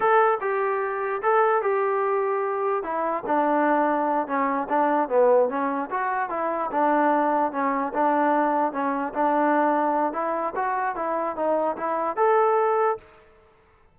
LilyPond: \new Staff \with { instrumentName = "trombone" } { \time 4/4 \tempo 4 = 148 a'4 g'2 a'4 | g'2. e'4 | d'2~ d'8 cis'4 d'8~ | d'8 b4 cis'4 fis'4 e'8~ |
e'8 d'2 cis'4 d'8~ | d'4. cis'4 d'4.~ | d'4 e'4 fis'4 e'4 | dis'4 e'4 a'2 | }